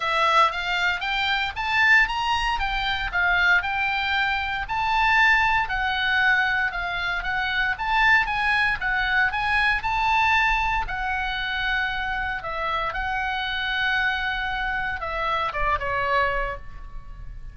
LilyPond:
\new Staff \with { instrumentName = "oboe" } { \time 4/4 \tempo 4 = 116 e''4 f''4 g''4 a''4 | ais''4 g''4 f''4 g''4~ | g''4 a''2 fis''4~ | fis''4 f''4 fis''4 a''4 |
gis''4 fis''4 gis''4 a''4~ | a''4 fis''2. | e''4 fis''2.~ | fis''4 e''4 d''8 cis''4. | }